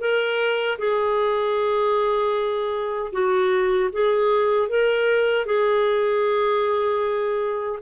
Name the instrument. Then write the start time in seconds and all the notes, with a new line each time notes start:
clarinet
0.00 A#4
0.78 G#4
3.12 F#4
3.92 G#4
4.69 A#4
5.45 G#4